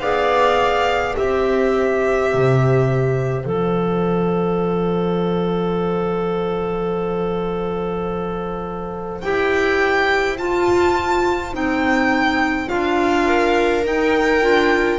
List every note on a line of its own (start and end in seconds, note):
0.00 1.15 B3
0.00 1.16 G#4
0.00 1.18 D5
0.00 1.15 F5
1.16 2.34 C4
1.16 3.44 G4
1.16 13.27 C5
1.16 3.46 E5
2.34 3.46 C3
3.44 9.23 F3
3.44 9.21 A4
3.44 9.21 F5
9.21 10.39 E4
9.21 10.38 G4
9.21 10.37 G5
10.38 11.52 F4
10.38 11.54 F4
10.38 11.54 A5
11.52 12.69 C4
11.52 12.68 D#4
11.52 12.69 G5
12.68 13.86 D4
12.68 13.83 F4
12.68 13.84 F5
13.27 14.99 A#4
13.84 14.42 D#4
13.84 14.43 D#4
13.84 14.99 G5
14.42 14.99 D4
14.42 14.99 F4